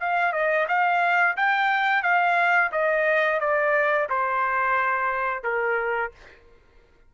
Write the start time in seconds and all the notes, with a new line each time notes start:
0.00 F5
0.33 D#5
0.68 F5
1.36 G5
2.02 F5
2.72 D#5
3.40 D5
4.09 C5
5.43 A#4